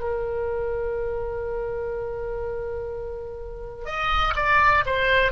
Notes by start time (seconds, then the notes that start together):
0.00 A#4
3.85 D#5
4.36 D5
4.86 C5